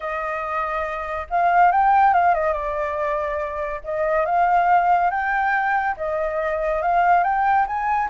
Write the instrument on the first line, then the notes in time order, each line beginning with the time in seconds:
flute
0.00 D#5
1.29 F5
1.71 G5
2.13 F5
2.34 D#5
2.53 D5
3.84 D#5
4.25 F5
5.10 G5
5.96 D#5
6.82 F5
7.23 G5
7.66 G#5